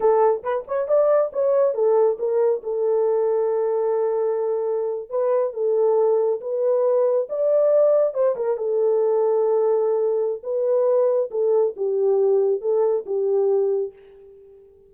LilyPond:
\new Staff \with { instrumentName = "horn" } { \time 4/4 \tempo 4 = 138 a'4 b'8 cis''8 d''4 cis''4 | a'4 ais'4 a'2~ | a'2.~ a'8. b'16~ | b'8. a'2 b'4~ b'16~ |
b'8. d''2 c''8 ais'8 a'16~ | a'1 | b'2 a'4 g'4~ | g'4 a'4 g'2 | }